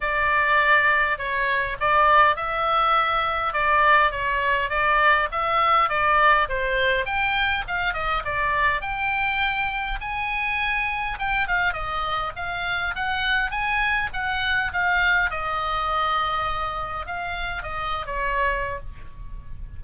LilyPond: \new Staff \with { instrumentName = "oboe" } { \time 4/4 \tempo 4 = 102 d''2 cis''4 d''4 | e''2 d''4 cis''4 | d''4 e''4 d''4 c''4 | g''4 f''8 dis''8 d''4 g''4~ |
g''4 gis''2 g''8 f''8 | dis''4 f''4 fis''4 gis''4 | fis''4 f''4 dis''2~ | dis''4 f''4 dis''8. cis''4~ cis''16 | }